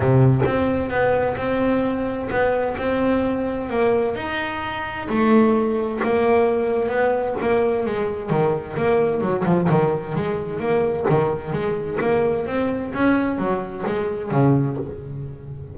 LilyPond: \new Staff \with { instrumentName = "double bass" } { \time 4/4 \tempo 4 = 130 c4 c'4 b4 c'4~ | c'4 b4 c'2 | ais4 dis'2 a4~ | a4 ais2 b4 |
ais4 gis4 dis4 ais4 | fis8 f8 dis4 gis4 ais4 | dis4 gis4 ais4 c'4 | cis'4 fis4 gis4 cis4 | }